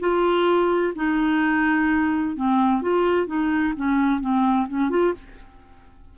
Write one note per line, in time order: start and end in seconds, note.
0.00 0.94 F4
0.96 2.36 D#4
2.36 2.82 C4
2.82 3.27 F4
3.27 3.74 D#4
3.76 4.21 C#4
4.21 4.68 C4
4.69 4.90 C#4
4.90 5.13 F4